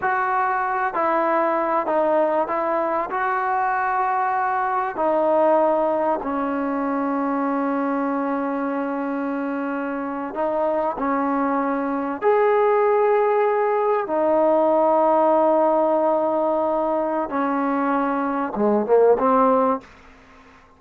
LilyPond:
\new Staff \with { instrumentName = "trombone" } { \time 4/4 \tempo 4 = 97 fis'4. e'4. dis'4 | e'4 fis'2. | dis'2 cis'2~ | cis'1~ |
cis'8. dis'4 cis'2 gis'16~ | gis'2~ gis'8. dis'4~ dis'16~ | dis'1 | cis'2 gis8 ais8 c'4 | }